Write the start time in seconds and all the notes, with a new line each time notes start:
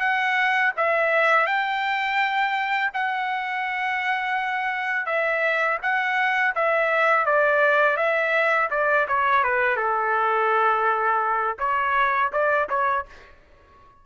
0.00 F#5
0.77 E5
1.47 G5
2.93 F#5
5.06 E5
5.83 F#5
6.55 E5
7.26 D5
7.97 E5
8.71 D5
9.08 C#5
9.44 B4
9.77 A4
11.59 C#5
12.33 D5
12.69 C#5